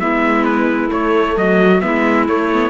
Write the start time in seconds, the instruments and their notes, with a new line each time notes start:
0.00 cello G#3, viola B3, clarinet E4, trumpet E5
0.45 trumpet B4
0.89 viola A3, cello A3, trumpet C#5
1.36 cello F#3, clarinet F#4, trumpet D#5
1.81 cello G#3, viola B3, clarinet E4, trumpet E5
2.28 cello A3, viola A3, trumpet C#5
2.53 viola B3